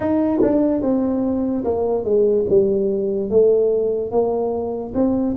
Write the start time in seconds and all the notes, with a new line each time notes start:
0.00 D#4
0.41 D4
0.81 C4
1.64 A#3
2.04 G#3
2.49 G3
3.30 A3
4.11 A#3
4.94 C4